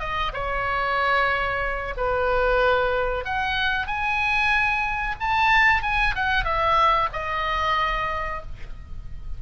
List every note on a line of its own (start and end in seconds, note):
0.00 0.32 D#5
0.33 1.95 C#5
1.97 3.25 B4
3.25 3.87 F#5
3.87 5.16 G#5
5.21 5.83 A5
5.83 6.15 G#5
6.16 6.45 F#5
6.45 7.09 E5
7.13 8.42 D#5